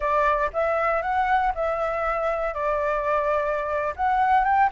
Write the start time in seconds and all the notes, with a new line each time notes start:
0.00 D5
0.53 E5
1.01 F#5
1.54 E5
2.54 D5
3.95 F#5
4.44 G5